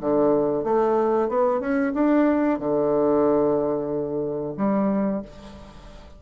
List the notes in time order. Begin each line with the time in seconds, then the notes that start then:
0.00 D3
0.63 A3
1.28 B3
1.60 C#4
1.94 D4
2.58 D3
4.57 G3